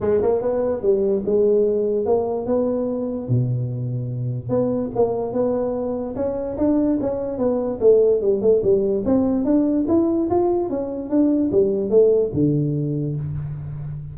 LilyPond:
\new Staff \with { instrumentName = "tuba" } { \time 4/4 \tempo 4 = 146 gis8 ais8 b4 g4 gis4~ | gis4 ais4 b2 | b,2. b4 | ais4 b2 cis'4 |
d'4 cis'4 b4 a4 | g8 a8 g4 c'4 d'4 | e'4 f'4 cis'4 d'4 | g4 a4 d2 | }